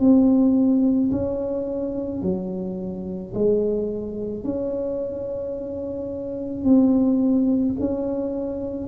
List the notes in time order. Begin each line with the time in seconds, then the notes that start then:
0.00 C4
1.12 C#4
2.22 F#3
3.34 G#3
4.44 C#4
6.64 C4
7.80 C#4